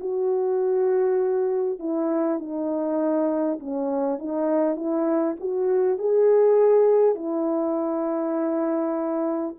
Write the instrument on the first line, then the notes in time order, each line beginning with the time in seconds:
horn
0.00 F#4
1.79 E4
2.39 D#4
3.59 C#4
4.18 D#4
4.76 E4
5.40 F#4
5.98 G#4
7.15 E4